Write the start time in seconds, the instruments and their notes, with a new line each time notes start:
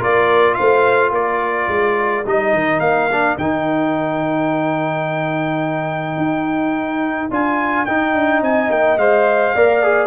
0.00 tuba A#3, trombone F4, horn A#4, trumpet D5
0.54 tuba A3, horn C5, trumpet F5
1.11 tuba A#3, horn A#4, trumpet D5
1.68 tuba G#3
2.26 tuba G3, trombone D#4, trumpet D#5
2.54 tuba D#3
2.80 tuba A#3, trumpet F5
3.12 trombone D4
3.38 tuba D#3, trombone D#4, trumpet G5
6.17 tuba D#4
7.30 tuba D4, trombone F4, trumpet G#5
7.86 tuba D#4, trombone D#4, trumpet G5
8.14 tuba D4
8.42 tuba C4, horn D#5, trumpet G#5
8.70 tuba A#3, trumpet G5
8.97 tuba G#3, trombone C5, trumpet F5
9.55 tuba A#3, trombone A#4, horn D5
9.83 trombone G#4